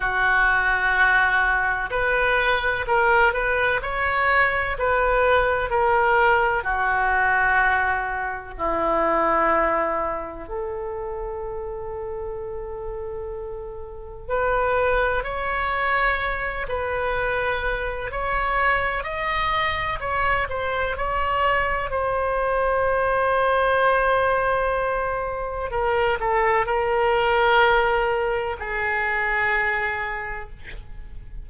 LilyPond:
\new Staff \with { instrumentName = "oboe" } { \time 4/4 \tempo 4 = 63 fis'2 b'4 ais'8 b'8 | cis''4 b'4 ais'4 fis'4~ | fis'4 e'2 a'4~ | a'2. b'4 |
cis''4. b'4. cis''4 | dis''4 cis''8 c''8 cis''4 c''4~ | c''2. ais'8 a'8 | ais'2 gis'2 | }